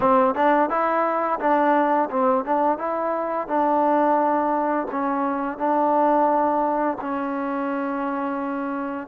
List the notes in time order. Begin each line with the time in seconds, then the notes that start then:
0.00 C4
0.35 D4
0.69 E4
1.39 D4
2.09 C4
2.44 D4
2.78 E4
3.47 D4
4.91 C#4
5.58 D4
7.00 C#4